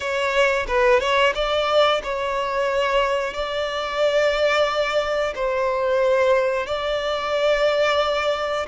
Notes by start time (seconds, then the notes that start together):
0.00 C#5
0.67 B4
0.99 C#5
1.35 D5
2.03 C#5
3.33 D5
5.35 C5
6.66 D5